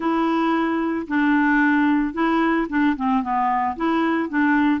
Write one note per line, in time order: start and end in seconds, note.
0.00 1.06 E4
1.07 2.13 D4
2.13 2.67 E4
2.69 2.96 D4
2.96 3.22 C4
3.22 3.76 B3
3.76 4.29 E4
4.29 4.80 D4